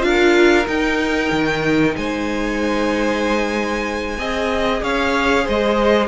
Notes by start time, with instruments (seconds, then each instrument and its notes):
0.00 cello D4, viola F4, violin A#4 F5
0.65 viola D#4, cello D#4, violin G5
1.31 cello D#3
1.96 cello G#3, violin C5 G#5
4.18 cello C4, viola G#4, violin D#5
4.82 cello C#4, violin C#5 F5
5.44 cello G#3, violin C5 D#5